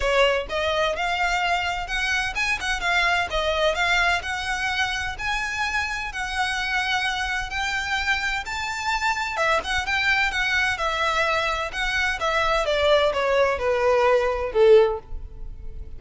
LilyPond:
\new Staff \with { instrumentName = "violin" } { \time 4/4 \tempo 4 = 128 cis''4 dis''4 f''2 | fis''4 gis''8 fis''8 f''4 dis''4 | f''4 fis''2 gis''4~ | gis''4 fis''2. |
g''2 a''2 | e''8 fis''8 g''4 fis''4 e''4~ | e''4 fis''4 e''4 d''4 | cis''4 b'2 a'4 | }